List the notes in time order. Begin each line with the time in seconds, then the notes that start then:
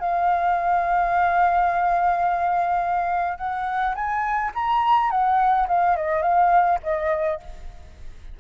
0.00 F5
3.38 F#5
3.95 G#5
4.55 A#5
5.11 F#5
5.68 F5
5.96 D#5
6.23 F5
6.83 D#5